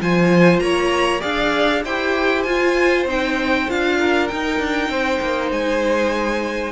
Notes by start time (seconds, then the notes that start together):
0.00 F3 F4 C5 G#5
0.59 A#3 C#5 A#5
1.20 D4 G#4 D5 F5
1.84 E4 G4 C5 G5
2.42 F4 G#5
3.05 C4 D#4 G5
3.68 D4 F4 F5
3.99 A#4
4.28 D#4 G5
4.59 D4
4.89 C4 C5
5.21 A#3
5.51 G#3 G#5